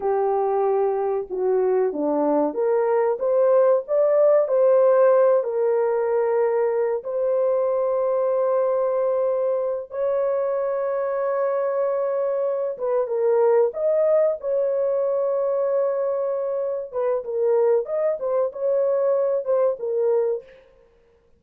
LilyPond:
\new Staff \with { instrumentName = "horn" } { \time 4/4 \tempo 4 = 94 g'2 fis'4 d'4 | ais'4 c''4 d''4 c''4~ | c''8 ais'2~ ais'8 c''4~ | c''2.~ c''8 cis''8~ |
cis''1 | b'8 ais'4 dis''4 cis''4.~ | cis''2~ cis''8 b'8 ais'4 | dis''8 c''8 cis''4. c''8 ais'4 | }